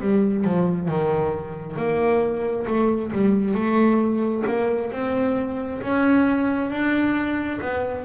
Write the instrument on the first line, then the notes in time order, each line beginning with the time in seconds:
double bass
0.00 G3
0.44 F3
0.88 D#3
1.76 A#3
2.67 A3
3.12 G3
3.54 A3
4.47 A#3
4.91 C4
5.81 C#4
6.70 D4
7.61 B3